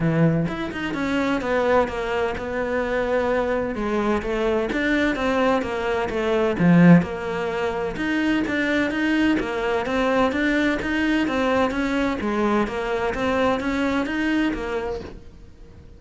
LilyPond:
\new Staff \with { instrumentName = "cello" } { \time 4/4 \tempo 4 = 128 e4 e'8 dis'8 cis'4 b4 | ais4 b2. | gis4 a4 d'4 c'4 | ais4 a4 f4 ais4~ |
ais4 dis'4 d'4 dis'4 | ais4 c'4 d'4 dis'4 | c'4 cis'4 gis4 ais4 | c'4 cis'4 dis'4 ais4 | }